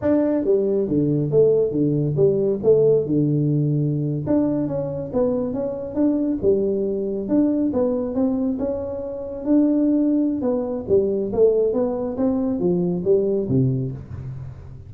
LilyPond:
\new Staff \with { instrumentName = "tuba" } { \time 4/4 \tempo 4 = 138 d'4 g4 d4 a4 | d4 g4 a4 d4~ | d4.~ d16 d'4 cis'4 b16~ | b8. cis'4 d'4 g4~ g16~ |
g8. d'4 b4 c'4 cis'16~ | cis'4.~ cis'16 d'2~ d'16 | b4 g4 a4 b4 | c'4 f4 g4 c4 | }